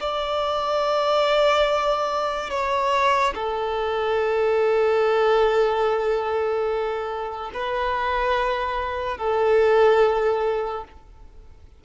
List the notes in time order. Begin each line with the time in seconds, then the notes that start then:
0.00 D5
2.50 C#5
3.34 A4
7.54 B4
9.17 A4